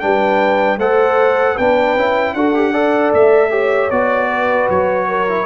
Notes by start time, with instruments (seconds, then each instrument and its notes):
0.00 tuba G3, trombone D4, horn B4, trumpet G5
0.78 tuba A3, trombone A4, horn C5, trumpet F#5
1.54 tuba B3, trombone D4, horn B4, trumpet G5
1.96 tuba C#4, trombone E4
2.34 tuba D4, trombone F#4, horn A4, trumpet F#5
2.54 trombone G4
2.72 trombone A4, horn D5
3.13 tuba A3, trumpet E5
3.50 trombone G4, horn C#5
3.90 tuba B3, trombone F#4, trumpet D5
4.30 horn B4
4.69 tuba F#3, trumpet C#5
5.07 horn A#4
5.28 trombone E4